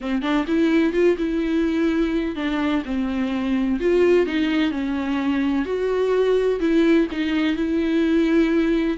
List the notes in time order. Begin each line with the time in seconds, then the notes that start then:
0.01 C4
0.22 D4
0.47 E4
0.92 F4
1.17 E4
2.35 D4
2.85 C4
3.79 F4
4.26 D#4
4.71 C#4
5.65 F#4
6.60 E4
7.11 D#4
7.55 E4